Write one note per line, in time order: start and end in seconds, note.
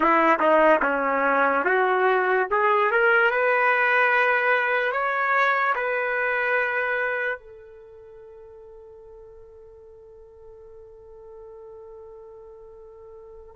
0.00 0.39 E4
0.39 0.80 D#4
0.82 1.64 C#4
1.64 2.47 F#4
2.50 2.91 G#4
2.91 3.30 A#4
3.30 4.91 B4
4.91 5.73 C#5
5.75 7.39 B4
7.39 13.55 A4